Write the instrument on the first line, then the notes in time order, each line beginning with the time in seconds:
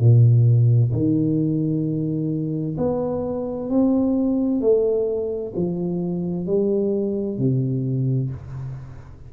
tuba
0.00 A#2
0.92 D#3
2.78 B3
3.70 C4
4.61 A3
5.56 F3
6.47 G3
7.39 C3